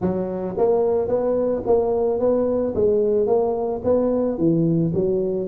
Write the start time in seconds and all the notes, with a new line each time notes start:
0.01 F#3
0.57 A#3
1.08 B3
1.66 A#3
2.19 B3
2.74 G#3
3.27 A#3
3.84 B3
4.38 E3
4.94 F#3